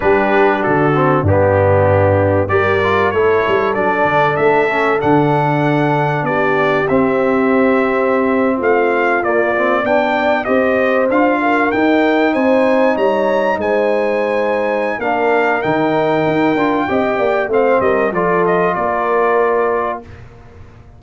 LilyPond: <<
  \new Staff \with { instrumentName = "trumpet" } { \time 4/4 \tempo 4 = 96 b'4 a'4 g'2 | d''4 cis''4 d''4 e''4 | fis''2 d''4 e''4~ | e''4.~ e''16 f''4 d''4 g''16~ |
g''8. dis''4 f''4 g''4 gis''16~ | gis''8. ais''4 gis''2~ gis''16 | f''4 g''2. | f''8 dis''8 d''8 dis''8 d''2 | }
  \new Staff \with { instrumentName = "horn" } { \time 4/4 g'4 fis'4 d'2 | ais'4 a'2.~ | a'2 g'2~ | g'4.~ g'16 f'2 d''16~ |
d''8. c''4. ais'4. c''16~ | c''8. cis''4 c''2~ c''16 | ais'2. dis''8 d''8 | c''8 ais'8 a'4 ais'2 | }
  \new Staff \with { instrumentName = "trombone" } { \time 4/4 d'4. c'8 b2 | g'8 f'8 e'4 d'4. cis'8 | d'2. c'4~ | c'2~ c'8. ais8 c'8 d'16~ |
d'8. g'4 f'4 dis'4~ dis'16~ | dis'1 | d'4 dis'4. f'8 g'4 | c'4 f'2. | }
  \new Staff \with { instrumentName = "tuba" } { \time 4/4 g4 d4 g,2 | g4 a8 g8 fis8 d8 a4 | d2 b4 c'4~ | c'4.~ c'16 a4 ais4 b16~ |
b8. c'4 d'4 dis'4 c'16~ | c'8. g4 gis2~ gis16 | ais4 dis4 dis'8 d'8 c'8 ais8 | a8 g8 f4 ais2 | }
>>